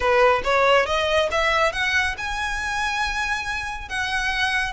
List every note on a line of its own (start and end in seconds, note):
0.00 0.42 B4
0.44 0.86 C#5
0.86 1.29 D#5
1.31 1.72 E5
1.72 2.15 F#5
2.17 3.88 G#5
3.88 4.72 F#5